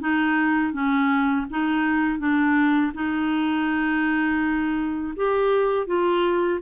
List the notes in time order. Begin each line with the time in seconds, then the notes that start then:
0.00 D#4
0.73 C#4
1.50 D#4
2.19 D4
2.94 D#4
5.16 G4
5.87 F4